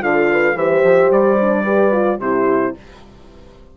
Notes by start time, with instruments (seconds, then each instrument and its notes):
0.00 bassoon D3, horn F4 A4, trumpet F5
0.31 horn B4
0.54 bassoon E3, horn G4 C5, trumpet E5
0.84 bassoon F3
1.10 bassoon G3, trumpet D5
1.40 horn D4
1.64 horn G4 B4
1.91 horn F4
2.18 bassoon C3, horn E4 G4, trumpet C5